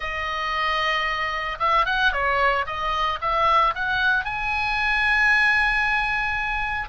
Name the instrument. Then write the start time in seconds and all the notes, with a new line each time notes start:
oboe
0.00 D#5
1.59 E5
1.85 F#5
2.12 C#5
2.66 D#5
3.21 E5
3.74 F#5
4.25 G#5